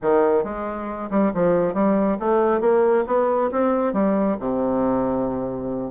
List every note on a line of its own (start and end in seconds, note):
0.02 0.43 D#3
0.43 1.09 G#3
1.10 1.32 G3
1.34 1.74 F3
1.74 2.17 G3
2.19 2.60 A3
2.60 3.04 A#3
3.06 3.50 B3
3.51 3.93 C4
3.93 4.37 G3
4.39 5.91 C3